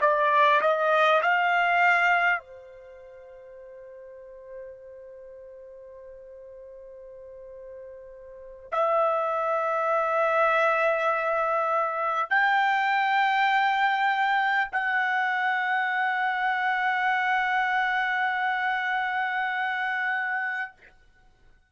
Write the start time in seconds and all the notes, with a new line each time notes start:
0.00 D5
0.61 D#5
1.22 F5
2.39 C5
8.71 E5
12.29 G5
14.72 F#5